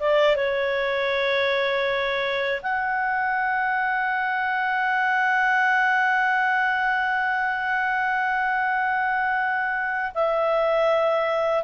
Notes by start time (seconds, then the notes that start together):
0.00 D5
0.36 C#5
2.63 F#5
10.15 E5